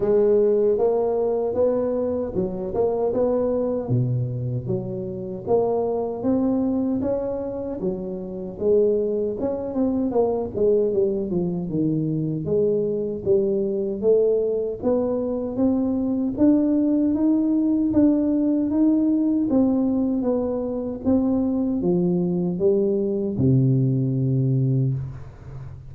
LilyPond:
\new Staff \with { instrumentName = "tuba" } { \time 4/4 \tempo 4 = 77 gis4 ais4 b4 fis8 ais8 | b4 b,4 fis4 ais4 | c'4 cis'4 fis4 gis4 | cis'8 c'8 ais8 gis8 g8 f8 dis4 |
gis4 g4 a4 b4 | c'4 d'4 dis'4 d'4 | dis'4 c'4 b4 c'4 | f4 g4 c2 | }